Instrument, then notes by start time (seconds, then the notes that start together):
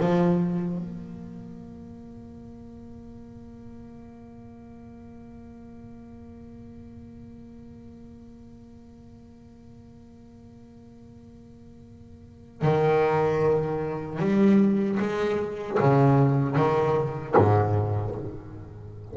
double bass
0.00 F3
0.78 A#3
12.62 D#3
14.19 G3
15.00 G#3
15.80 C#3
16.56 D#3
17.36 G#2